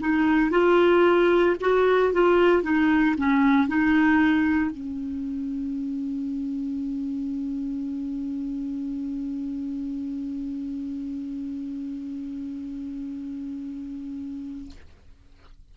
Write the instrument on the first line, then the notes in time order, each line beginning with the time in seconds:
clarinet
0.00 D#4
0.51 F4
1.61 F#4
2.13 F4
2.63 D#4
3.17 C#4
3.68 D#4
4.71 C#4